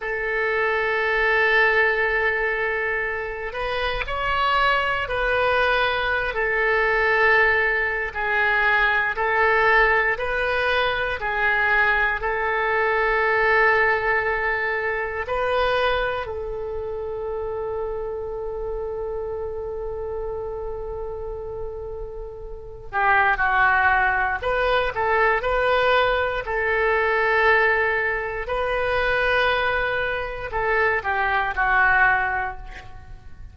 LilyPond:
\new Staff \with { instrumentName = "oboe" } { \time 4/4 \tempo 4 = 59 a'2.~ a'8 b'8 | cis''4 b'4~ b'16 a'4.~ a'16 | gis'4 a'4 b'4 gis'4 | a'2. b'4 |
a'1~ | a'2~ a'8 g'8 fis'4 | b'8 a'8 b'4 a'2 | b'2 a'8 g'8 fis'4 | }